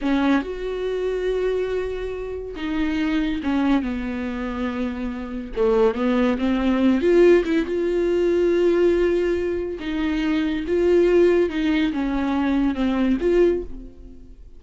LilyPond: \new Staff \with { instrumentName = "viola" } { \time 4/4 \tempo 4 = 141 cis'4 fis'2.~ | fis'2 dis'2 | cis'4 b2.~ | b4 a4 b4 c'4~ |
c'8 f'4 e'8 f'2~ | f'2. dis'4~ | dis'4 f'2 dis'4 | cis'2 c'4 f'4 | }